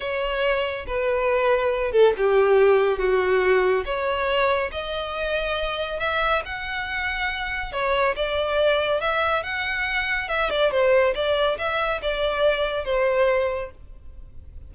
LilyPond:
\new Staff \with { instrumentName = "violin" } { \time 4/4 \tempo 4 = 140 cis''2 b'2~ | b'8 a'8 g'2 fis'4~ | fis'4 cis''2 dis''4~ | dis''2 e''4 fis''4~ |
fis''2 cis''4 d''4~ | d''4 e''4 fis''2 | e''8 d''8 c''4 d''4 e''4 | d''2 c''2 | }